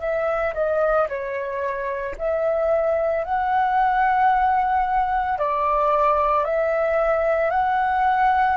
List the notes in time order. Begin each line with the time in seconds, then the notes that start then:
0.00 E5
0.54 D#5
1.09 C#5
2.18 E5
3.24 F#5
5.39 D5
6.44 E5
7.50 F#5